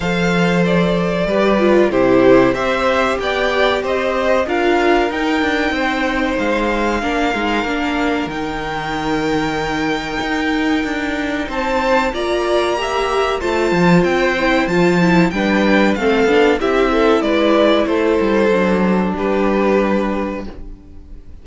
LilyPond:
<<
  \new Staff \with { instrumentName = "violin" } { \time 4/4 \tempo 4 = 94 f''4 d''2 c''4 | e''4 g''4 dis''4 f''4 | g''2 f''2~ | f''4 g''2.~ |
g''2 a''4 ais''4~ | ais''4 a''4 g''4 a''4 | g''4 f''4 e''4 d''4 | c''2 b'2 | }
  \new Staff \with { instrumentName = "violin" } { \time 4/4 c''2 b'4 g'4 | c''4 d''4 c''4 ais'4~ | ais'4 c''2 ais'4~ | ais'1~ |
ais'2 c''4 d''4 | e''4 c''2. | b'4 a'4 g'8 a'8 b'4 | a'2 g'2 | }
  \new Staff \with { instrumentName = "viola" } { \time 4/4 a'2 g'8 f'8 e'4 | g'2. f'4 | dis'2. d'8 dis'8 | d'4 dis'2.~ |
dis'2. f'4 | g'4 f'4. e'8 f'8 e'8 | d'4 c'8 d'8 e'2~ | e'4 d'2. | }
  \new Staff \with { instrumentName = "cello" } { \time 4/4 f2 g4 c4 | c'4 b4 c'4 d'4 | dis'8 d'8 c'4 gis4 ais8 gis8 | ais4 dis2. |
dis'4 d'4 c'4 ais4~ | ais4 a8 f8 c'4 f4 | g4 a8 b8 c'4 gis4 | a8 g8 fis4 g2 | }
>>